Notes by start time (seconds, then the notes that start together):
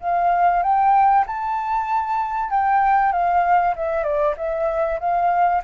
0.00 F5
0.62 G5
1.26 A5
2.50 G5
3.12 F5
3.76 E5
4.03 D5
4.37 E5
5.00 F5